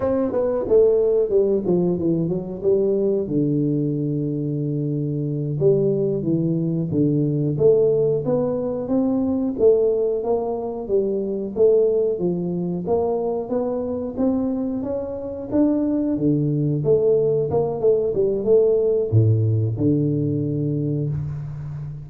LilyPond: \new Staff \with { instrumentName = "tuba" } { \time 4/4 \tempo 4 = 91 c'8 b8 a4 g8 f8 e8 fis8 | g4 d2.~ | d8 g4 e4 d4 a8~ | a8 b4 c'4 a4 ais8~ |
ais8 g4 a4 f4 ais8~ | ais8 b4 c'4 cis'4 d'8~ | d'8 d4 a4 ais8 a8 g8 | a4 a,4 d2 | }